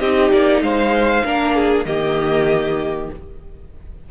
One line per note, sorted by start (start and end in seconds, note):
0.00 0.32 C4
0.00 1.25 D#4
0.00 0.62 G4
0.00 0.31 D#5
0.32 0.62 A#3
0.32 0.63 D5
0.62 1.24 G#3
0.62 1.25 C5
0.62 1.86 F5
1.25 1.86 A#3
1.25 1.86 D4
1.25 1.56 A#4
1.56 1.87 G#4
1.86 3.10 D#3
1.86 3.10 A#3
1.86 3.11 G4
1.86 3.09 D#5